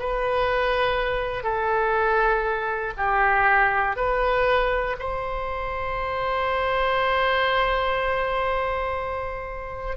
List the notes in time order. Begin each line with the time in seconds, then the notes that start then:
0.00 B4
1.44 A4
2.97 G4
3.96 B4
4.99 C5